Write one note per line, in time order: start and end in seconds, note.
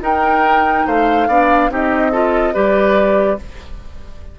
0.00 0.85 D#4
0.00 1.28 D#4
0.00 0.86 A#4
0.00 0.87 G5
0.86 1.27 A3
0.86 1.28 C5
0.86 1.71 F5
1.27 1.70 B3
1.27 1.69 D4
1.27 1.70 D5
1.69 2.54 C4
1.69 2.12 D#4
1.69 2.11 G4
1.69 2.54 D#5
2.11 2.53 F4
2.11 2.53 A4
2.53 3.39 G3
2.53 3.38 G4
2.53 3.38 B4
2.53 3.39 D5